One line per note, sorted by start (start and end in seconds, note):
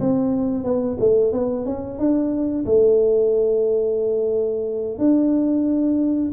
0.00 0.64 C4
0.64 0.97 B3
1.00 1.32 A3
1.32 1.65 B3
1.65 1.98 C#4
1.98 2.65 D4
2.65 4.98 A3
4.98 6.32 D4